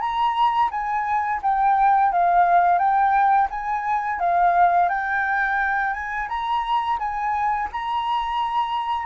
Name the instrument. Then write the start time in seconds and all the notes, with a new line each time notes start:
flute
0.00 A#5
0.71 G#5
1.42 G5
2.12 F5
2.79 G5
3.50 G#5
4.20 F5
4.89 G5
5.93 G#5
6.29 A#5
6.99 G#5
7.73 A#5